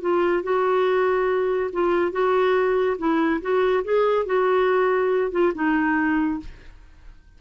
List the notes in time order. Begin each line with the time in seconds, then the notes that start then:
0.00 F4
0.43 F#4
1.72 F4
2.11 F#4
2.98 E4
3.41 F#4
3.84 G#4
4.25 F#4
5.31 F4
5.54 D#4